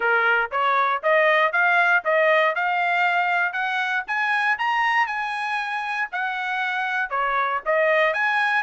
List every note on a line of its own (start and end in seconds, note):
0.00 0.50 A#4
0.51 1.02 C#5
1.02 1.52 D#5
1.52 2.03 F5
2.04 2.55 D#5
2.55 3.52 F5
3.52 4.03 F#5
4.07 4.58 G#5
4.58 5.07 A#5
5.07 6.08 G#5
6.12 7.10 F#5
7.10 7.60 C#5
7.65 8.13 D#5
8.13 8.63 G#5